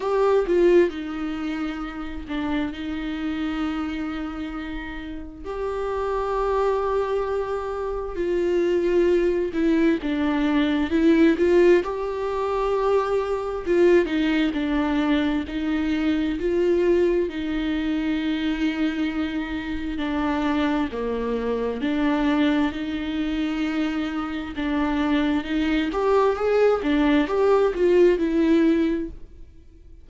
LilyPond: \new Staff \with { instrumentName = "viola" } { \time 4/4 \tempo 4 = 66 g'8 f'8 dis'4. d'8 dis'4~ | dis'2 g'2~ | g'4 f'4. e'8 d'4 | e'8 f'8 g'2 f'8 dis'8 |
d'4 dis'4 f'4 dis'4~ | dis'2 d'4 ais4 | d'4 dis'2 d'4 | dis'8 g'8 gis'8 d'8 g'8 f'8 e'4 | }